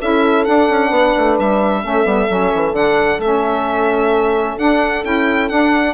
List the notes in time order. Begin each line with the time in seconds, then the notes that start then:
0.00 C#4 E4 A4 E5
0.45 D4 F#5
0.69 C#4
0.89 B3 B4
1.17 A3
1.39 G3 E5
1.83 A3 C#4 A4
2.05 G3 B3
2.29 F#3 C#4
2.55 E3
2.72 D3 D4 F#5
3.19 A3 C#4 E5
4.58 D4 F#5
5.04 C#4 E4 G5
5.49 D4 F#5